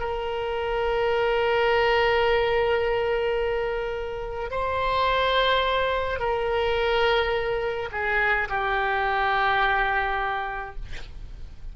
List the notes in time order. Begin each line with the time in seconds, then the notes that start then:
0.00 A#4
4.51 C5
6.20 A#4
7.92 G#4
8.49 G4